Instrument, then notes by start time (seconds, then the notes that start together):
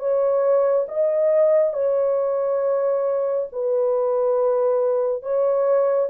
horn
0.00 C#5
0.89 D#5
1.74 C#5
3.53 B4
5.23 C#5